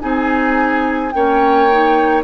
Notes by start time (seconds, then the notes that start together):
0.00 C4 D#4 G#4 G#5
1.12 A#3 C#4 C#5 G5
1.71 D#4